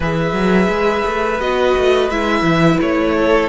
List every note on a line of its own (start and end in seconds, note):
0.00 0.32 E3
0.00 1.40 G#4
0.00 3.14 B4
0.00 1.40 E5
0.32 0.67 F#3
0.68 1.03 G#3
1.05 1.39 A3
1.39 1.74 B3
1.39 2.10 F#4
1.39 2.09 D#5
1.76 2.10 A3
2.09 2.41 G#3
2.09 3.49 E4
2.09 2.79 E5
2.41 2.76 E3
2.81 3.49 A3
2.81 3.49 C#5
3.15 3.49 A4